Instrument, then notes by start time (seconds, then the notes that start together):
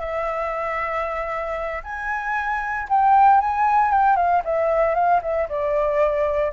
flute
0.00 E5
1.84 G#5
2.89 G5
3.41 G#5
3.91 G5
4.16 F5
4.44 E5
4.94 F5
5.22 E5
5.49 D5